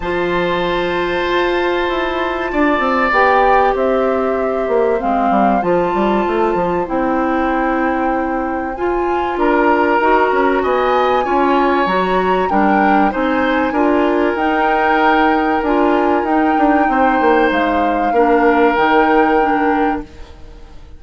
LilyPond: <<
  \new Staff \with { instrumentName = "flute" } { \time 4/4 \tempo 4 = 96 a''1~ | a''4 g''4 e''2 | f''4 a''2 g''4~ | g''2 gis''4 ais''4~ |
ais''4 gis''2 ais''4 | g''4 gis''2 g''4~ | g''4 gis''4 g''2 | f''2 g''2 | }
  \new Staff \with { instrumentName = "oboe" } { \time 4/4 c''1 | d''2 c''2~ | c''1~ | c''2. ais'4~ |
ais'4 dis''4 cis''2 | ais'4 c''4 ais'2~ | ais'2. c''4~ | c''4 ais'2. | }
  \new Staff \with { instrumentName = "clarinet" } { \time 4/4 f'1~ | f'4 g'2. | c'4 f'2 e'4~ | e'2 f'2 |
fis'2 f'4 fis'4 | d'4 dis'4 f'4 dis'4~ | dis'4 f'4 dis'2~ | dis'4 d'4 dis'4 d'4 | }
  \new Staff \with { instrumentName = "bassoon" } { \time 4/4 f2 f'4 e'4 | d'8 c'8 b4 c'4. ais8 | gis8 g8 f8 g8 a8 f8 c'4~ | c'2 f'4 d'4 |
dis'8 cis'8 b4 cis'4 fis4 | g4 c'4 d'4 dis'4~ | dis'4 d'4 dis'8 d'8 c'8 ais8 | gis4 ais4 dis2 | }
>>